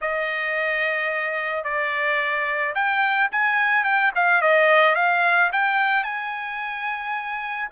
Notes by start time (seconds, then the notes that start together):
0.01 D#5
1.63 D5
2.74 G5
3.31 G#5
3.84 G5
4.15 F5
4.41 D#5
4.95 F5
5.52 G5
6.03 G#5